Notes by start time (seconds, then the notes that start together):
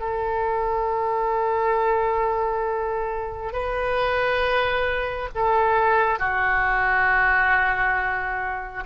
0.00 A4
3.53 B4
5.35 A4
6.19 F#4